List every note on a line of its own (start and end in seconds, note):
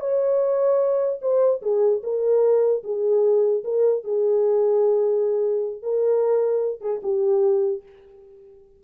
0.00 1.20 C#5
1.22 1.62 C5
1.62 2.02 G#4
2.03 2.83 A#4
2.84 3.64 G#4
3.64 4.04 A#4
4.04 5.82 G#4
5.82 6.81 A#4
6.81 7.01 G#4
7.03 7.83 G4